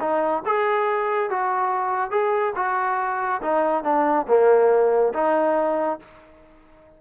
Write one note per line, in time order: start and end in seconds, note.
0.00 0.43 D#4
0.45 1.30 G#4
1.30 2.10 F#4
2.10 2.53 G#4
2.55 3.41 F#4
3.41 3.83 D#4
3.83 4.26 D4
4.27 5.13 A#3
5.13 5.99 D#4